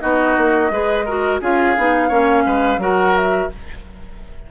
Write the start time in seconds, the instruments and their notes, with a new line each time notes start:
0.00 bassoon B3, clarinet D#4, oboe F#4, flute D#5
0.37 bassoon A#3
0.71 bassoon G#3, clarinet G#4, oboe B4
1.05 clarinet F#4, oboe A#4
1.41 bassoon C#4, clarinet F4, oboe G#4, flute F5
1.77 bassoon B3, clarinet D#4
2.08 bassoon A#3, clarinet C#4, oboe C#5
2.45 bassoon G#3, oboe B4
2.78 bassoon F#3, clarinet F#4, oboe A#4, flute F#5
3.17 flute E5